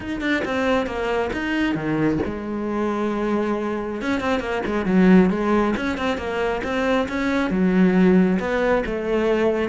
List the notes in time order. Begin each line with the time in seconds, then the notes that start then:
0.00 D#4
0.20 D4
0.44 C4
0.86 A#3
1.32 D#4
1.74 D#3
2.25 G#3
4.01 C#4
4.20 C4
4.40 A#3
4.65 G#3
4.85 F#3
5.30 G#3
5.76 C#4
5.97 C4
6.17 A#3
6.63 C4
7.08 C#4
7.50 F#3
8.39 B3
8.86 A3